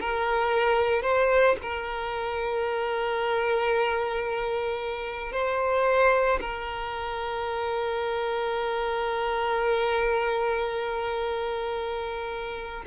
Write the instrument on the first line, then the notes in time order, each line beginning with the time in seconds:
violin
0.00 A#4
1.02 C5
1.62 A#4
5.32 C5
6.40 A#4